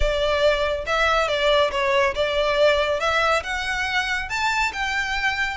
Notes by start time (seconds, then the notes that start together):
0.00 D5
0.86 E5
1.28 D5
1.71 C#5
2.14 D5
3.00 E5
3.43 F#5
4.29 A5
4.72 G5